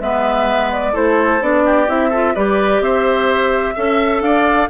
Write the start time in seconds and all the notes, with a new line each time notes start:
0.00 G#3 B3 B4 E5
0.72 D5
0.92 A3 E4 A4 C5
1.41 B3 D4 D5
1.65 G4
1.87 C4 E4 E5
2.10 F4 A4
2.35 G3 G4 B4 D5
2.80 C4 C5 E5
3.74 C#4 A4 E5
4.21 D4 D5 F5